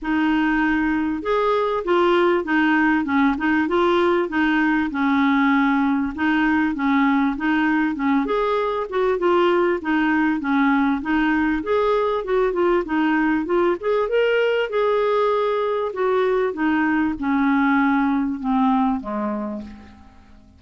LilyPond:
\new Staff \with { instrumentName = "clarinet" } { \time 4/4 \tempo 4 = 98 dis'2 gis'4 f'4 | dis'4 cis'8 dis'8 f'4 dis'4 | cis'2 dis'4 cis'4 | dis'4 cis'8 gis'4 fis'8 f'4 |
dis'4 cis'4 dis'4 gis'4 | fis'8 f'8 dis'4 f'8 gis'8 ais'4 | gis'2 fis'4 dis'4 | cis'2 c'4 gis4 | }